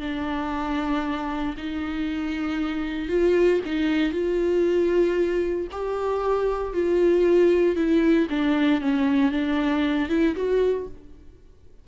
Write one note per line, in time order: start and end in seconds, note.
0.00 1.55 D4
1.57 3.08 D#4
3.08 3.60 F4
3.65 4.12 D#4
4.12 5.67 F4
5.71 6.73 G4
6.73 7.76 F4
7.76 8.27 E4
8.29 8.81 D4
8.81 9.31 C#4
9.31 10.09 D4
10.09 10.35 E4
10.36 10.87 F#4